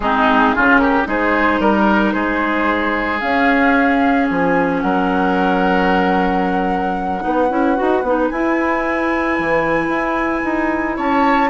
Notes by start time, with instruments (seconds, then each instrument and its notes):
0.00 bassoon G#3, clarinet C4, oboe D#4, flute G#4
0.55 bassoon C#3, clarinet C#4, oboe F4
0.78 oboe G4, flute A#4
1.05 bassoon G#3, clarinet D#4, oboe G#4, flute C5
1.59 bassoon G3, oboe A#4, flute A#4
2.11 bassoon G#3, oboe G#4, flute C5
3.20 clarinet C#4, bassoon C#4, flute F5
4.29 bassoon F3, flute G#5
4.80 bassoon F#3, oboe A#4, flute F#5
7.20 bassoon B3, clarinet D#4, oboe B4
7.49 bassoon C#4, clarinet E4
7.75 bassoon D#4, clarinet F#4
8.02 bassoon B3, clarinet D#4
8.28 bassoon E4, clarinet E4, flute G#5
9.38 bassoon E3
9.88 bassoon E4
10.44 bassoon D#4
10.96 bassoon C#4, oboe C#5, flute A5